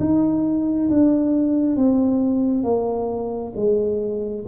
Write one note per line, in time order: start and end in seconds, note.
0.00 0.90 D#4
0.90 1.77 D4
1.77 2.64 C4
2.64 3.53 A#3
3.56 4.46 G#3